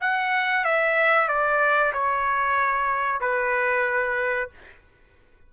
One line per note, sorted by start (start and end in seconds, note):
0.00 0.65 F#5
0.65 1.28 E5
1.28 1.92 D5
1.93 3.20 C#5
3.20 4.49 B4